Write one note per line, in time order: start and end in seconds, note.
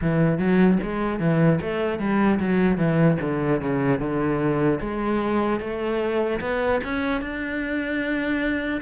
0.01 0.38 E3
0.38 0.78 F#3
0.83 1.19 G#3
1.19 1.59 E3
1.61 1.99 A3
1.99 2.39 G3
2.39 2.77 F#3
2.77 3.17 E3
3.21 3.61 D3
3.61 3.99 C#3
3.99 4.79 D3
4.80 5.60 G#3
5.60 6.40 A3
6.40 6.80 B3
6.84 7.21 C#4
7.21 8.81 D4